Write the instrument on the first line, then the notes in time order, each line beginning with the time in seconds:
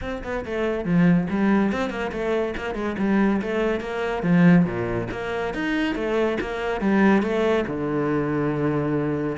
cello
0.01 C4
0.23 B3
0.45 A3
0.84 F3
1.30 G3
1.72 C4
1.90 A#3
2.12 A3
2.56 A#3
2.74 G#3
2.98 G3
3.41 A3
3.80 A#3
4.22 F3
4.65 A#2
5.11 A#3
5.54 D#4
5.95 A3
6.40 A#3
6.81 G3
7.22 A3
7.67 D3